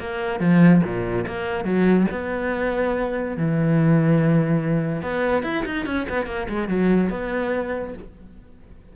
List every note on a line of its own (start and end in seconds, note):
0.00 0.40 A#3
0.40 0.82 F3
0.84 1.26 A#2
1.27 1.65 A#3
1.65 2.07 F#3
2.11 3.37 B3
3.37 5.02 E3
5.02 5.43 B3
5.43 5.64 E4
5.65 5.86 D#4
5.86 6.07 C#4
6.09 6.26 B3
6.26 6.47 A#3
6.49 6.68 G#3
6.68 7.10 F#3
7.10 7.94 B3